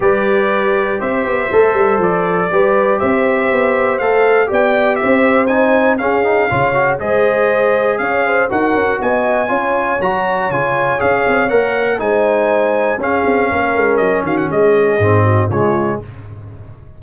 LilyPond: <<
  \new Staff \with { instrumentName = "trumpet" } { \time 4/4 \tempo 4 = 120 d''2 e''2 | d''2 e''2 | f''4 g''4 e''4 gis''4 | f''2 dis''2 |
f''4 fis''4 gis''2 | ais''4 gis''4 f''4 fis''4 | gis''2 f''2 | dis''8 f''16 fis''16 dis''2 cis''4 | }
  \new Staff \with { instrumentName = "horn" } { \time 4/4 b'2 c''2~ | c''4 b'4 c''2~ | c''4 d''4 c''2 | gis'4 cis''4 c''2 |
cis''8 c''8 ais'4 dis''4 cis''4~ | cis''1 | c''2 gis'4 ais'4~ | ais'8 fis'8 gis'4. fis'8 f'4 | }
  \new Staff \with { instrumentName = "trombone" } { \time 4/4 g'2. a'4~ | a'4 g'2. | a'4 g'2 dis'4 | cis'8 dis'8 f'8 fis'8 gis'2~ |
gis'4 fis'2 f'4 | fis'4 f'4 gis'4 ais'4 | dis'2 cis'2~ | cis'2 c'4 gis4 | }
  \new Staff \with { instrumentName = "tuba" } { \time 4/4 g2 c'8 b8 a8 g8 | f4 g4 c'4 b4 | a4 b4 c'2 | cis'4 cis4 gis2 |
cis'4 dis'8 cis'8 b4 cis'4 | fis4 cis4 cis'8 c'8 ais4 | gis2 cis'8 c'8 ais8 gis8 | fis8 dis8 gis4 gis,4 cis4 | }
>>